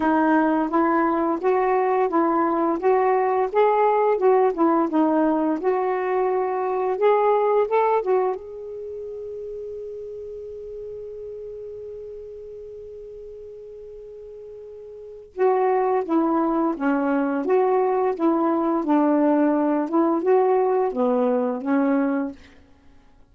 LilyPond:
\new Staff \with { instrumentName = "saxophone" } { \time 4/4 \tempo 4 = 86 dis'4 e'4 fis'4 e'4 | fis'4 gis'4 fis'8 e'8 dis'4 | fis'2 gis'4 a'8 fis'8 | gis'1~ |
gis'1~ | gis'2 fis'4 e'4 | cis'4 fis'4 e'4 d'4~ | d'8 e'8 fis'4 b4 cis'4 | }